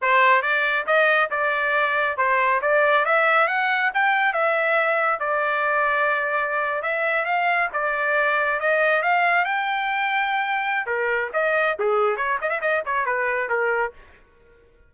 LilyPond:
\new Staff \with { instrumentName = "trumpet" } { \time 4/4 \tempo 4 = 138 c''4 d''4 dis''4 d''4~ | d''4 c''4 d''4 e''4 | fis''4 g''4 e''2 | d''2.~ d''8. e''16~ |
e''8. f''4 d''2 dis''16~ | dis''8. f''4 g''2~ g''16~ | g''4 ais'4 dis''4 gis'4 | cis''8 dis''16 e''16 dis''8 cis''8 b'4 ais'4 | }